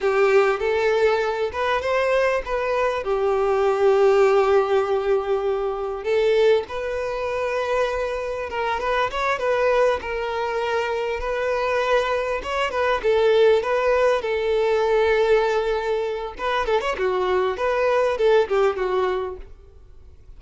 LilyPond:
\new Staff \with { instrumentName = "violin" } { \time 4/4 \tempo 4 = 99 g'4 a'4. b'8 c''4 | b'4 g'2.~ | g'2 a'4 b'4~ | b'2 ais'8 b'8 cis''8 b'8~ |
b'8 ais'2 b'4.~ | b'8 cis''8 b'8 a'4 b'4 a'8~ | a'2. b'8 a'16 cis''16 | fis'4 b'4 a'8 g'8 fis'4 | }